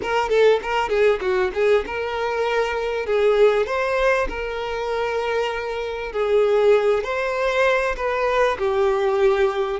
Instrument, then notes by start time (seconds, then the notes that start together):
violin
0.02 A#4
0.29 A4
0.62 A#4
0.89 G#4
1.20 F#4
1.54 G#4
1.86 A#4
3.06 G#4
3.66 C5
4.29 A#4
6.12 G#4
7.03 C5
7.96 B4
8.58 G4